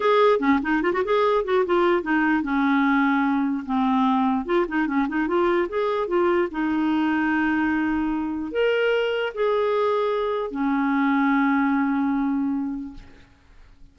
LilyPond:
\new Staff \with { instrumentName = "clarinet" } { \time 4/4 \tempo 4 = 148 gis'4 cis'8 dis'8 f'16 fis'16 gis'4 fis'8 | f'4 dis'4 cis'2~ | cis'4 c'2 f'8 dis'8 | cis'8 dis'8 f'4 gis'4 f'4 |
dis'1~ | dis'4 ais'2 gis'4~ | gis'2 cis'2~ | cis'1 | }